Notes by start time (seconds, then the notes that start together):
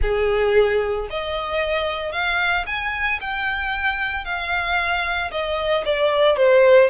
0.02 G#4
1.09 D#5
2.12 F5
2.66 G#5
3.20 G5
4.24 F5
5.31 D#5
5.85 D5
6.36 C5